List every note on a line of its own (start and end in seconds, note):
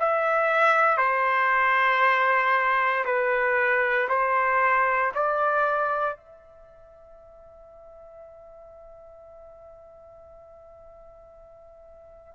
0.00 0.98 E5
0.98 3.05 C5
3.05 4.09 B4
4.09 5.13 C5
5.15 6.17 D5
6.17 12.35 E5